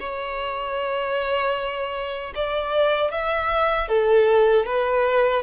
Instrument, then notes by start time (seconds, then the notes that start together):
violin
0.00 C#5
2.35 D5
3.11 E5
3.89 A4
4.66 B4